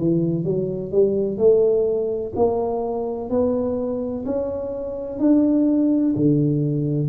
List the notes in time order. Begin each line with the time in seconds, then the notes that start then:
0.00 E3
0.45 F#3
0.92 G3
1.38 A3
2.36 A#3
3.30 B3
4.26 C#4
5.19 D4
6.16 D3